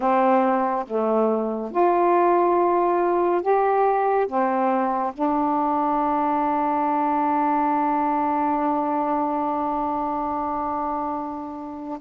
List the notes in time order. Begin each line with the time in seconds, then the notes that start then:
0.00 C4
0.86 A3
1.71 F4
3.42 G4
4.27 C4
5.13 D4